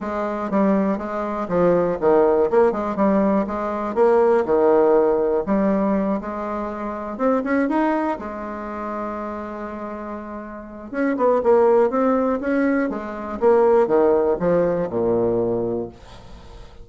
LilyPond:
\new Staff \with { instrumentName = "bassoon" } { \time 4/4 \tempo 4 = 121 gis4 g4 gis4 f4 | dis4 ais8 gis8 g4 gis4 | ais4 dis2 g4~ | g8 gis2 c'8 cis'8 dis'8~ |
dis'8 gis2.~ gis8~ | gis2 cis'8 b8 ais4 | c'4 cis'4 gis4 ais4 | dis4 f4 ais,2 | }